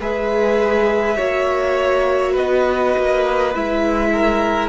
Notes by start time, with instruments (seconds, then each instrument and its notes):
0.00 cello G#3, viola G#4, violin B4 E5
1.17 cello A#3, viola F#4, violin C#5
2.33 cello B3, violin B4 D#5
2.98 cello A#3
3.54 cello G#3, viola E4, violin E5
4.13 violin A#4